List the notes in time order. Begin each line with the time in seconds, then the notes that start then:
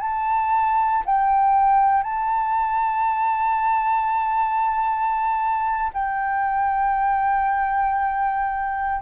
0.00 A5
1.05 G5
2.04 A5
5.94 G5